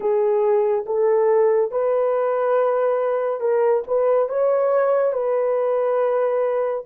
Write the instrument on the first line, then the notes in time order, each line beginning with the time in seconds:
horn
0.00 G#4
0.86 A4
1.71 B4
3.40 A#4
3.86 B4
4.28 C#5
5.12 B4